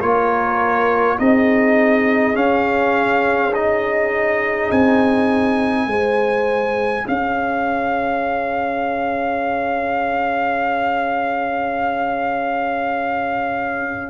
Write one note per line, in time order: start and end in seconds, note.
0.00 1.19 A#3
0.00 1.19 F4
0.00 1.18 A#4
0.00 1.19 C#5
1.19 2.35 C4
1.19 2.34 D#4
1.19 5.90 G#4
1.19 2.36 D#5
2.34 3.52 C#4
2.34 4.70 C#4
2.34 3.54 F5
3.54 5.89 D#4
3.54 4.72 D#5
4.71 5.87 C4
4.71 7.07 G#5
5.87 7.04 G#3
5.87 14.10 G#4
5.87 7.07 C5
7.07 14.10 C#4
7.07 14.10 C#5
7.07 14.10 F5